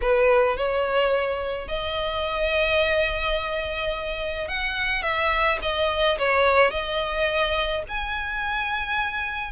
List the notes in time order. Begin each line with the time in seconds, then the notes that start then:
0.01 B4
0.56 C#5
1.68 D#5
4.48 F#5
5.02 E5
5.62 D#5
6.18 C#5
6.70 D#5
7.88 G#5